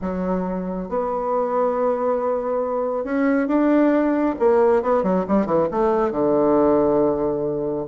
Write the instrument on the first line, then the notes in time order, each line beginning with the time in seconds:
bassoon
0.01 F#3
0.89 B3
3.04 C#4
3.47 D4
4.39 A#3
4.82 B3
5.03 F#3
5.27 G3
5.45 E3
5.71 A3
6.11 D3